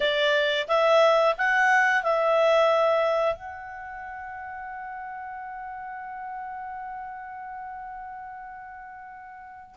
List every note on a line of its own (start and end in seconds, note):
0.00 0.67 D5
0.67 1.35 E5
1.37 2.03 F#5
2.03 3.35 E5
3.35 9.75 F#5